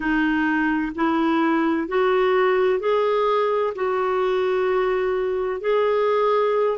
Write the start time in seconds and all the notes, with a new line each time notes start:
0.00 D#4
0.95 E4
1.87 F#4
2.79 G#4
3.75 F#4
5.60 G#4